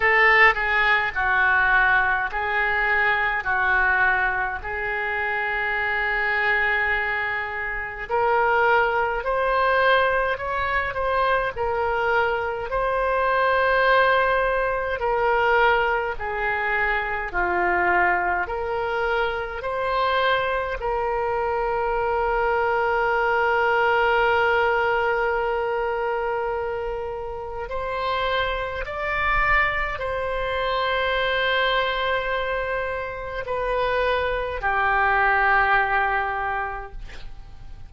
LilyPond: \new Staff \with { instrumentName = "oboe" } { \time 4/4 \tempo 4 = 52 a'8 gis'8 fis'4 gis'4 fis'4 | gis'2. ais'4 | c''4 cis''8 c''8 ais'4 c''4~ | c''4 ais'4 gis'4 f'4 |
ais'4 c''4 ais'2~ | ais'1 | c''4 d''4 c''2~ | c''4 b'4 g'2 | }